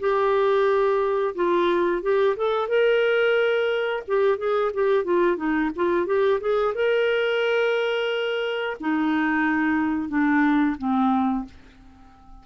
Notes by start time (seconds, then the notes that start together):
0.00 G4
1.35 F4
2.03 G4
2.37 A4
2.68 A#4
4.08 G4
4.38 G#4
4.74 G4
5.05 F4
5.37 D#4
5.76 F4
6.07 G4
6.41 G#4
6.75 A#4
8.80 D#4
10.09 D4
10.78 C4